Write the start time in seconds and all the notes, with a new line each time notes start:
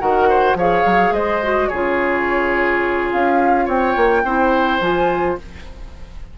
0.00 D#3 F#4 A#4 F#5
0.29 C5
0.55 F3 G#4 C#5 F5
0.85 F#3
1.11 G#3 C5 D#5
1.43 F#4
1.69 C#3 F4 G#4 C#5
3.12 C#4 F5
3.65 C4 C#5 G5
3.96 A#3
4.24 C4 E4 C5
4.81 F3 F4 G#5